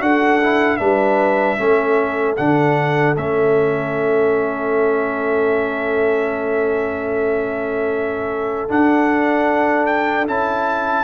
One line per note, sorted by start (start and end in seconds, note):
0.00 0.80 D4
0.00 0.39 F#4
0.00 0.79 A4
0.00 0.77 F#5
0.42 0.79 E4
0.77 1.59 G3
0.77 1.58 D4
0.77 1.58 B4
0.77 2.35 E5
1.58 2.38 A3
1.58 2.37 C#4
1.58 11.04 A4
2.36 3.17 D3
2.36 3.16 D4
2.36 3.15 F#5
3.17 8.70 A3
3.17 8.69 C#4
3.17 8.70 E5
8.69 10.27 D4
8.69 10.28 D4
8.69 9.86 F#5
9.86 10.25 G5
10.27 11.04 C#4
10.27 11.04 E4
10.27 11.04 A5